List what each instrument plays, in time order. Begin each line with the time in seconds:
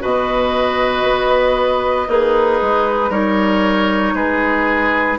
0.00 bassoon B2, clarinet F#4, oboe B4, flute D#5
1.03 bassoon B3
2.08 bassoon A#3, oboe D#4, clarinet G#4, flute B4
2.61 bassoon G#3
3.09 bassoon G3, clarinet D#4, oboe A#4, flute C#5
4.14 bassoon G#3, oboe G#4, flute B4